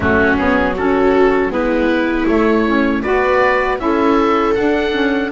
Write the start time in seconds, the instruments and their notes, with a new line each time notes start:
0.00 double bass F#3, saxophone A3, viola C#4, oboe F#4
0.36 saxophone B3, oboe G#4
0.75 saxophone C#4, viola F#4, oboe A4
1.49 double bass G#3, saxophone B3, viola E4, oboe B4
2.27 double bass A3, saxophone A3, oboe C#5
2.68 saxophone C#4
3.03 double bass B3, saxophone F#4, viola B4, oboe D5
3.78 double bass C#4, saxophone E4, viola A4, oboe E5
4.55 saxophone D4, double bass D4, oboe F#5
4.93 saxophone C#4